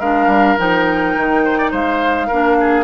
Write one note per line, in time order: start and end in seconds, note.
0.00 0.27 G#3
0.00 0.59 D4
0.00 1.43 A#4
0.00 0.58 F5
0.27 0.56 G3
0.59 1.16 F3
0.59 2.30 D#4
0.59 1.73 G5
1.16 1.72 D#3
1.45 1.59 C5
1.59 1.71 D5
1.71 2.30 G#3
1.71 2.28 C5
1.71 2.85 F5
2.28 2.85 A#3
2.28 2.85 D4
2.28 2.56 A#4
2.61 2.85 G#4